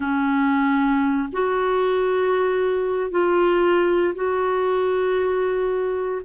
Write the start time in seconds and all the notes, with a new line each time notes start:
0.00 C#4
1.32 F#4
3.10 F4
4.14 F#4